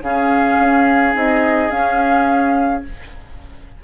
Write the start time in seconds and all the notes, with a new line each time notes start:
0.00 C#3 C#4 G#4 F5
0.59 C#4
1.13 C4 D#4 D#5
1.70 C#4 F5